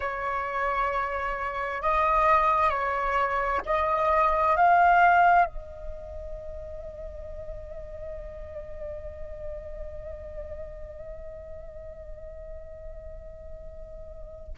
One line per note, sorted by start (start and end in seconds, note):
0.00 1.82 C#5
1.82 2.70 D#5
2.70 3.61 C#5
3.65 4.56 D#5
4.56 5.45 F5
5.45 14.54 D#5